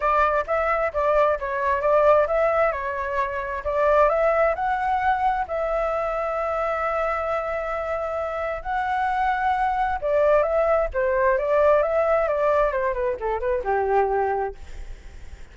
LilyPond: \new Staff \with { instrumentName = "flute" } { \time 4/4 \tempo 4 = 132 d''4 e''4 d''4 cis''4 | d''4 e''4 cis''2 | d''4 e''4 fis''2 | e''1~ |
e''2. fis''4~ | fis''2 d''4 e''4 | c''4 d''4 e''4 d''4 | c''8 b'8 a'8 b'8 g'2 | }